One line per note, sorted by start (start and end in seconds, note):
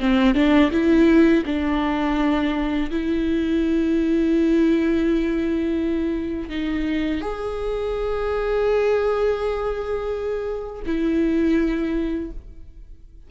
0.00 0.35 C4
0.35 0.71 D4
0.72 1.44 E4
1.46 2.90 D4
2.91 6.50 E4
6.50 7.21 D#4
7.21 10.83 G#4
10.86 12.31 E4